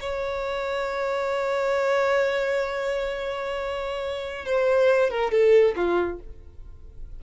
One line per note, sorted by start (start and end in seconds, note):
0.00 4.45 C#5
4.45 5.10 C5
5.10 5.31 A#4
5.31 5.75 A4
5.75 6.19 F4